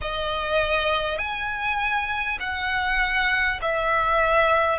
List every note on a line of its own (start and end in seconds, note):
0.01 1.18 D#5
1.18 2.38 G#5
2.39 3.59 F#5
3.61 4.78 E5